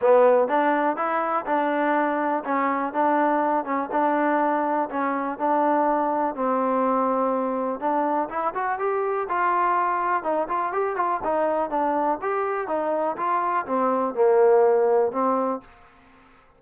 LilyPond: \new Staff \with { instrumentName = "trombone" } { \time 4/4 \tempo 4 = 123 b4 d'4 e'4 d'4~ | d'4 cis'4 d'4. cis'8 | d'2 cis'4 d'4~ | d'4 c'2. |
d'4 e'8 fis'8 g'4 f'4~ | f'4 dis'8 f'8 g'8 f'8 dis'4 | d'4 g'4 dis'4 f'4 | c'4 ais2 c'4 | }